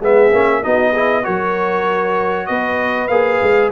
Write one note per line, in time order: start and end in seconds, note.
0.00 0.31 G#3
0.00 0.33 B3
0.00 0.62 G#4
0.00 0.64 E5
0.32 0.63 A#3
0.32 0.63 C#4
0.63 1.27 B3
0.63 0.94 D#4
0.63 0.91 F#4
0.63 1.25 D#5
0.91 1.23 E4
0.91 1.22 G#4
1.23 2.49 F#3
1.23 3.09 F#4
1.23 2.48 A#4
1.23 2.47 C#5
2.47 3.10 B3
2.47 3.72 B4
2.47 3.08 D#5
3.08 3.40 A#3
3.08 3.72 G#4
3.08 3.69 F5
3.42 3.72 G#3